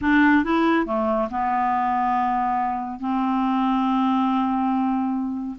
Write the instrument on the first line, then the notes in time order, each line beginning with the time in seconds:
clarinet
0.01 D4
0.44 E4
0.86 A3
1.30 B3
2.99 C4